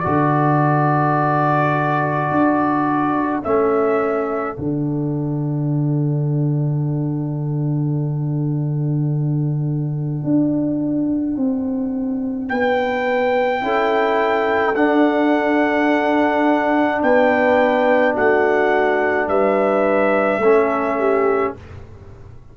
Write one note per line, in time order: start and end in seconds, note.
0.00 2.31 D3
0.00 3.43 F#4
0.00 12.50 A4
0.00 3.40 D5
2.31 3.44 D4
3.44 4.58 A3
3.44 4.56 C#4
3.44 4.56 E5
4.56 10.24 D3
4.56 13.61 D4
4.56 12.49 F#5
10.24 11.36 D4
11.36 12.50 C4
12.49 13.62 B3
12.49 13.64 B4
12.49 14.75 G5
13.61 14.75 C#4
13.61 14.74 E4
13.61 17.03 A4
14.75 17.02 D4
14.75 20.42 D4
14.75 17.02 F#5
17.02 18.16 B3
17.02 18.14 B4
17.02 18.16 G5
18.14 19.28 A3
18.14 19.27 F#4
18.14 19.28 F#5
19.28 20.37 G3
19.28 20.42 B4
19.28 21.55 E5
20.37 21.51 A3
20.37 21.57 C#4
20.37 20.99 A4
20.99 21.55 G4